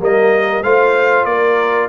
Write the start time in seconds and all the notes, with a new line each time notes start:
0.00 G3 A#3 A#4 D#5
0.63 A3 F4 C5 F5
1.25 A#3 A#4 D5